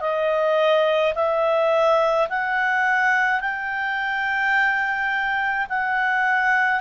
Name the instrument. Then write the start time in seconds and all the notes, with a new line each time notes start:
clarinet
0.00 D#5
1.14 E5
2.29 F#5
3.40 G5
5.69 F#5